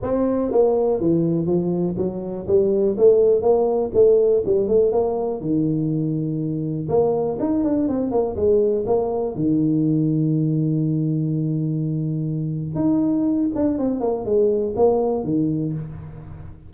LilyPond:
\new Staff \with { instrumentName = "tuba" } { \time 4/4 \tempo 4 = 122 c'4 ais4 e4 f4 | fis4 g4 a4 ais4 | a4 g8 a8 ais4 dis4~ | dis2 ais4 dis'8 d'8 |
c'8 ais8 gis4 ais4 dis4~ | dis1~ | dis2 dis'4. d'8 | c'8 ais8 gis4 ais4 dis4 | }